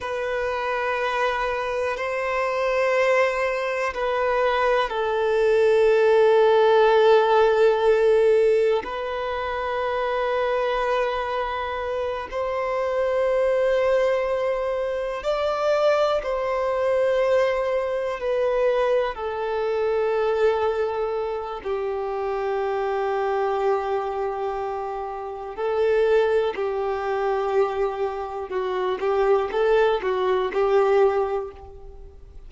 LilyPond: \new Staff \with { instrumentName = "violin" } { \time 4/4 \tempo 4 = 61 b'2 c''2 | b'4 a'2.~ | a'4 b'2.~ | b'8 c''2. d''8~ |
d''8 c''2 b'4 a'8~ | a'2 g'2~ | g'2 a'4 g'4~ | g'4 fis'8 g'8 a'8 fis'8 g'4 | }